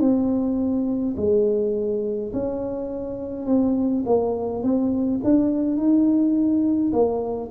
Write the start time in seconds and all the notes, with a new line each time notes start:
0.00 C4
1.17 G#3
2.33 C#4
3.46 C4
4.06 A#3
4.63 C4
5.24 D4
5.77 D#4
6.93 A#3